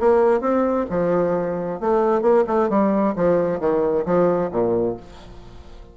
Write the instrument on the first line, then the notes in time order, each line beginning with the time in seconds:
bassoon
0.00 A#3
0.41 C4
0.90 F3
1.80 A3
2.22 A#3
2.47 A3
2.69 G3
3.16 F3
3.60 D#3
4.05 F3
4.51 A#2